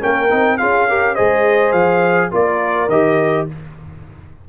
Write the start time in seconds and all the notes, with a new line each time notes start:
0.00 A#3 C#4 A#4 G5
0.30 C4 D#4
0.58 C#4 F4 G#4 F5
0.88 G4 A#4
1.15 G#3 G#4 C5 D#5
1.72 F3 F5
2.31 A#3 F4 A#4 D5
2.89 D#3 G4 D#5